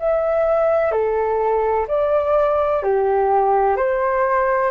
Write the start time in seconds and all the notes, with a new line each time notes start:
0.00 E5
0.92 A4
1.88 D5
2.83 G4
3.77 C5